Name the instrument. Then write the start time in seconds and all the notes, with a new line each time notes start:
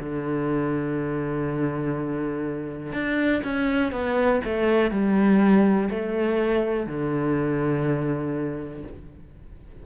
cello
0.00 D3
2.93 D4
3.44 C#4
3.93 B3
4.45 A3
4.91 G3
5.91 A3
6.87 D3